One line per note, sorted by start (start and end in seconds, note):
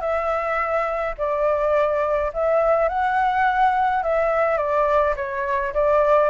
0.00 1.14 E5
1.17 2.32 D5
2.33 2.88 E5
2.88 4.02 F#5
4.02 4.57 E5
4.57 5.14 D5
5.16 5.73 C#5
5.74 6.29 D5